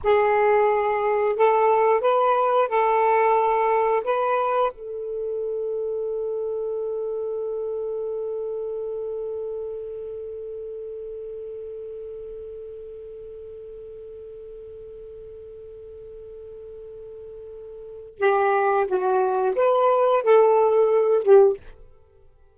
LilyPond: \new Staff \with { instrumentName = "saxophone" } { \time 4/4 \tempo 4 = 89 gis'2 a'4 b'4 | a'2 b'4 a'4~ | a'1~ | a'1~ |
a'1~ | a'1~ | a'2. g'4 | fis'4 b'4 a'4. g'8 | }